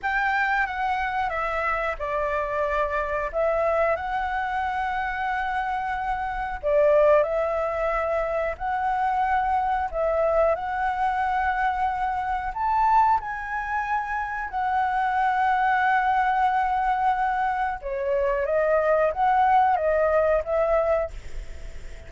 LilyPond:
\new Staff \with { instrumentName = "flute" } { \time 4/4 \tempo 4 = 91 g''4 fis''4 e''4 d''4~ | d''4 e''4 fis''2~ | fis''2 d''4 e''4~ | e''4 fis''2 e''4 |
fis''2. a''4 | gis''2 fis''2~ | fis''2. cis''4 | dis''4 fis''4 dis''4 e''4 | }